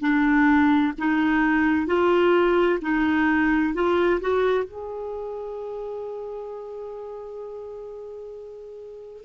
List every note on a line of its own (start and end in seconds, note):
0.00 0.92 D4
0.98 1.87 D#4
1.87 2.79 F4
2.82 3.74 D#4
3.74 4.20 F4
4.20 4.64 F#4
4.64 9.24 G#4